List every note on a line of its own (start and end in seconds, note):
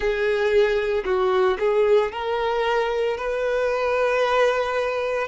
0.00 1.03 G#4
1.04 1.57 F#4
1.59 2.11 G#4
2.11 3.17 A#4
3.17 5.27 B4